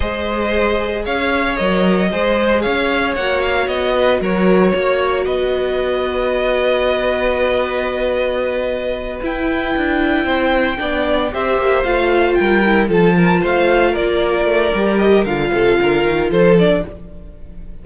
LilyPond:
<<
  \new Staff \with { instrumentName = "violin" } { \time 4/4 \tempo 4 = 114 dis''2 f''4 dis''4~ | dis''4 f''4 fis''8 f''8 dis''4 | cis''2 dis''2~ | dis''1~ |
dis''4. g''2~ g''8~ | g''4. e''4 f''4 g''8~ | g''8 a''4 f''4 d''4.~ | d''8 dis''8 f''2 c''8 d''8 | }
  \new Staff \with { instrumentName = "violin" } { \time 4/4 c''2 cis''2 | c''4 cis''2~ cis''8 b'8 | ais'4 cis''4 b'2~ | b'1~ |
b'2.~ b'8 c''8~ | c''8 d''4 c''2 ais'8~ | ais'8 a'8 ais'8 c''4 ais'4.~ | ais'4. a'8 ais'4 a'4 | }
  \new Staff \with { instrumentName = "viola" } { \time 4/4 gis'2. ais'4 | gis'2 fis'2~ | fis'1~ | fis'1~ |
fis'4. e'2~ e'8~ | e'8 d'4 g'4 f'4. | e'8 f'2.~ f'8 | g'4 f'2~ f'8 d'8 | }
  \new Staff \with { instrumentName = "cello" } { \time 4/4 gis2 cis'4 fis4 | gis4 cis'4 ais4 b4 | fis4 ais4 b2~ | b1~ |
b4. e'4 d'4 c'8~ | c'8 b4 c'8 ais8 a4 g8~ | g8 f4 a4 ais4 a8 | g4 d8 c8 d8 dis8 f4 | }
>>